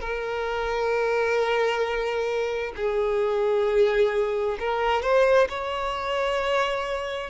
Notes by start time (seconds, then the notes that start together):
0.00 A#4
2.76 G#4
4.59 A#4
5.02 C5
5.48 C#5